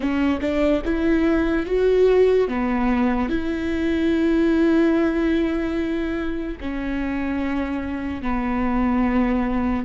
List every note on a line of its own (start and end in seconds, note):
0.00 0.39 C#4
0.41 0.82 D4
0.84 1.66 E4
1.66 2.48 F#4
2.48 3.29 B3
3.29 6.58 E4
6.60 8.22 C#4
8.22 9.85 B3